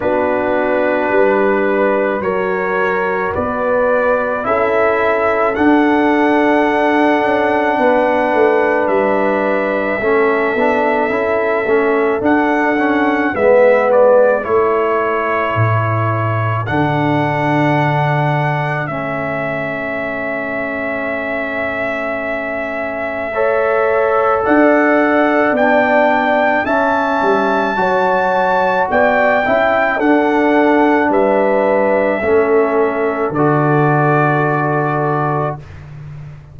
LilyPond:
<<
  \new Staff \with { instrumentName = "trumpet" } { \time 4/4 \tempo 4 = 54 b'2 cis''4 d''4 | e''4 fis''2. | e''2. fis''4 | e''8 d''8 cis''2 fis''4~ |
fis''4 e''2.~ | e''2 fis''4 g''4 | a''2 g''4 fis''4 | e''2 d''2 | }
  \new Staff \with { instrumentName = "horn" } { \time 4/4 fis'4 b'4 ais'4 b'4 | a'2. b'4~ | b'4 a'2. | b'4 a'2.~ |
a'1~ | a'4 cis''4 d''2 | e''4 cis''4 d''8 e''8 a'4 | b'4 a'2. | }
  \new Staff \with { instrumentName = "trombone" } { \time 4/4 d'2 fis'2 | e'4 d'2.~ | d'4 cis'8 d'8 e'8 cis'8 d'8 cis'8 | b4 e'2 d'4~ |
d'4 cis'2.~ | cis'4 a'2 d'4 | cis'4 fis'4. e'8 d'4~ | d'4 cis'4 fis'2 | }
  \new Staff \with { instrumentName = "tuba" } { \time 4/4 b4 g4 fis4 b4 | cis'4 d'4. cis'8 b8 a8 | g4 a8 b8 cis'8 a8 d'4 | gis4 a4 a,4 d4~ |
d4 a2.~ | a2 d'4 b4 | cis'8 g8 fis4 b8 cis'8 d'4 | g4 a4 d2 | }
>>